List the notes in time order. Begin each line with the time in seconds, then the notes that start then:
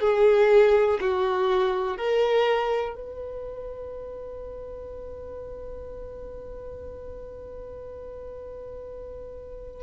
0.00 G#4
1.00 F#4
1.97 A#4
2.96 B4